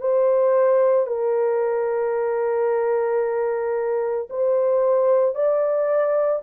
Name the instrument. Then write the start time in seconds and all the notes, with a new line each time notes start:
horn
0.00 C5
1.06 A#4
4.30 C5
5.35 D5